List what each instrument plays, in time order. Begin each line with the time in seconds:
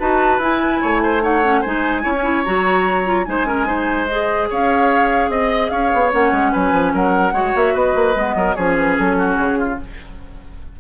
0.00 bassoon D#4, clarinet F#4, oboe B4, flute A5
0.39 bassoon E4, clarinet E4, flute G#5
0.82 bassoon A3, oboe C#5
1.03 oboe C5
1.22 clarinet D#4, oboe C#5, flute F#5
1.44 clarinet C#4
1.61 bassoon G#3, clarinet D#4, oboe C5, flute G#5
2.03 bassoon C#4, clarinet E4, oboe C#5
2.14 clarinet C#4
2.24 clarinet E4
2.44 bassoon F#3, clarinet F#4, flute A#5
3.05 clarinet F4
3.25 bassoon G#3, clarinet D#4, oboe C5, flute G#5
3.46 clarinet C#4, oboe A#4
3.66 clarinet D#4, oboe C5
4.07 clarinet G#4, flute D#5
4.50 bassoon C#4, oboe C#5, flute F5
5.29 bassoon C4, oboe D#5, flute D#5
5.70 bassoon C#4, oboe C#5, flute F5
5.94 bassoon B3
6.12 bassoon A#3, clarinet C#4, flute F#5
6.32 bassoon G#3
6.52 bassoon F#3, oboe B4, flute G#5
6.73 bassoon F3
6.94 bassoon F#3, oboe A#4, flute F#5
7.33 bassoon G#3, clarinet F#4, oboe C#5
7.56 bassoon A#3, flute E5
7.74 bassoon B3, oboe B4, flute D#5
7.95 bassoon A#3
8.16 bassoon G#3, clarinet B3
8.35 bassoon F#3, oboe A#4
8.55 bassoon F3, clarinet C#4, oboe G#4, flute C#5
8.78 flute B4
8.99 bassoon F#3, flute A4
9.19 oboe F#4
9.36 bassoon C#3, flute G#4
9.59 oboe F4